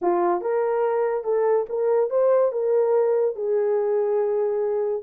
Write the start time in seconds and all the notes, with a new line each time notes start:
0.01 F4
0.41 A#4
1.24 A4
1.69 A#4
2.10 C5
2.52 A#4
3.35 G#4